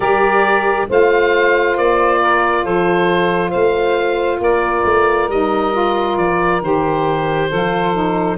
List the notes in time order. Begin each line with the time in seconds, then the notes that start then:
0.00 G3 G4 A#4 D5
0.88 A3 F4 C5 F5
1.76 A#3 D5
2.20 A#4
2.62 F3 A4 C5
3.49 A3 C5 F5
4.40 A#3 A#4 D5
4.84 A3
5.28 G3 D#4 D#5
5.72 F4
6.17 F3 D5
6.61 D#3 G4 C5
7.49 F3 F4 A4
7.93 D#4